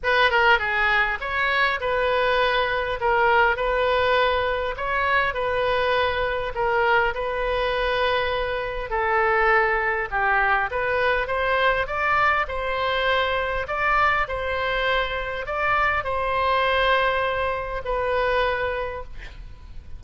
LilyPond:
\new Staff \with { instrumentName = "oboe" } { \time 4/4 \tempo 4 = 101 b'8 ais'8 gis'4 cis''4 b'4~ | b'4 ais'4 b'2 | cis''4 b'2 ais'4 | b'2. a'4~ |
a'4 g'4 b'4 c''4 | d''4 c''2 d''4 | c''2 d''4 c''4~ | c''2 b'2 | }